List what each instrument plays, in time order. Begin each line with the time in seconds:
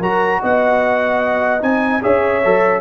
0.00 tuba F#3, trombone F#4, horn A#4, trumpet A#5
0.41 tuba B3, horn D#5, trumpet F#5
1.60 tuba C4, trombone D#4, trumpet G#5
2.02 tuba C#4, trombone G#4, horn C#5, trumpet E5
2.44 tuba F#3, trombone A4